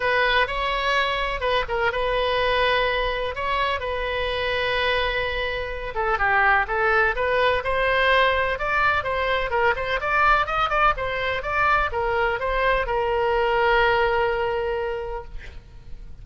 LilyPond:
\new Staff \with { instrumentName = "oboe" } { \time 4/4 \tempo 4 = 126 b'4 cis''2 b'8 ais'8 | b'2. cis''4 | b'1~ | b'8 a'8 g'4 a'4 b'4 |
c''2 d''4 c''4 | ais'8 c''8 d''4 dis''8 d''8 c''4 | d''4 ais'4 c''4 ais'4~ | ais'1 | }